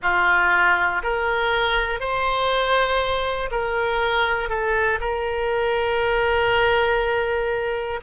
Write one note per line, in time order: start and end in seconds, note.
0.02 1.02 F4
1.02 2.00 A#4
2.00 3.50 C5
3.50 4.49 A#4
4.49 4.99 A4
5.00 8.00 A#4